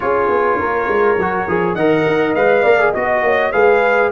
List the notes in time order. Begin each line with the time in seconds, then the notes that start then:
0.00 C#4 F4 G#4 C#5
0.28 B3
0.58 A#3 A#4
0.87 G#3
1.17 F#3 F#4
1.47 F3 G#4
1.74 D#3 A#4 D#5 F#5
2.07 D#4
2.34 G#3 B4 F5
2.62 A#3 A#4 D5
2.79 G#4
2.91 B3 F#4 D#5
3.21 A#3 C#5
3.52 G#3 G#4 B4 F5